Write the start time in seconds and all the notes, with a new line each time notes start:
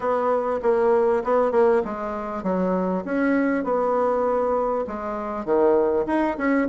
0.00 B3
0.62 A#3
1.23 B3
1.51 A#3
1.84 G#3
2.43 F#3
3.04 C#4
3.64 B3
4.87 G#3
5.45 D#3
6.06 D#4
6.37 C#4